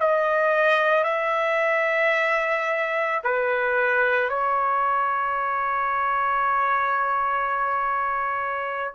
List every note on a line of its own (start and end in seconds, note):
0.00 1.04 D#5
1.04 3.22 E5
3.24 4.29 B4
4.29 8.93 C#5